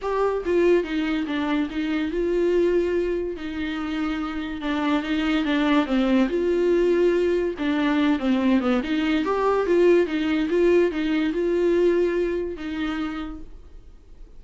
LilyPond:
\new Staff \with { instrumentName = "viola" } { \time 4/4 \tempo 4 = 143 g'4 f'4 dis'4 d'4 | dis'4 f'2. | dis'2. d'4 | dis'4 d'4 c'4 f'4~ |
f'2 d'4. c'8~ | c'8 b8 dis'4 g'4 f'4 | dis'4 f'4 dis'4 f'4~ | f'2 dis'2 | }